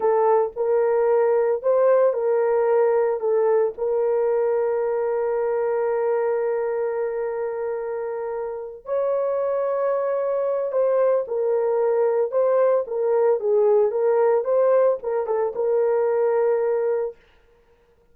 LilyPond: \new Staff \with { instrumentName = "horn" } { \time 4/4 \tempo 4 = 112 a'4 ais'2 c''4 | ais'2 a'4 ais'4~ | ais'1~ | ais'1~ |
ais'8 cis''2.~ cis''8 | c''4 ais'2 c''4 | ais'4 gis'4 ais'4 c''4 | ais'8 a'8 ais'2. | }